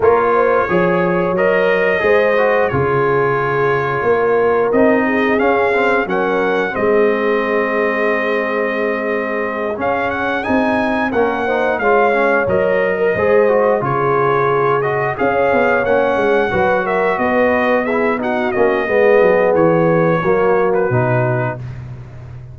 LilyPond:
<<
  \new Staff \with { instrumentName = "trumpet" } { \time 4/4 \tempo 4 = 89 cis''2 dis''2 | cis''2. dis''4 | f''4 fis''4 dis''2~ | dis''2~ dis''8 f''8 fis''8 gis''8~ |
gis''8 fis''4 f''4 dis''4.~ | dis''8 cis''4. dis''8 f''4 fis''8~ | fis''4 e''8 dis''4 e''8 fis''8 dis''8~ | dis''4 cis''4.~ cis''16 b'4~ b'16 | }
  \new Staff \with { instrumentName = "horn" } { \time 4/4 ais'8 c''8 cis''2 c''4 | gis'2 ais'4. gis'8~ | gis'4 ais'4 gis'2~ | gis'1~ |
gis'8 ais'8 c''8 cis''4.~ cis''16 ais'16 c''8~ | c''8 gis'2 cis''4.~ | cis''8 b'8 ais'8 b'4 gis'8 fis'4 | gis'2 fis'2 | }
  \new Staff \with { instrumentName = "trombone" } { \time 4/4 f'4 gis'4 ais'4 gis'8 fis'8 | f'2. dis'4 | cis'8 c'8 cis'4 c'2~ | c'2~ c'8 cis'4 dis'8~ |
dis'8 cis'8 dis'8 f'8 cis'8 ais'4 gis'8 | fis'8 f'4. fis'8 gis'4 cis'8~ | cis'8 fis'2 e'8 dis'8 cis'8 | b2 ais4 dis'4 | }
  \new Staff \with { instrumentName = "tuba" } { \time 4/4 ais4 f4 fis4 gis4 | cis2 ais4 c'4 | cis'4 fis4 gis2~ | gis2~ gis8 cis'4 c'8~ |
c'8 ais4 gis4 fis4 gis8~ | gis8 cis2 cis'8 b8 ais8 | gis8 fis4 b2 ais8 | gis8 fis8 e4 fis4 b,4 | }
>>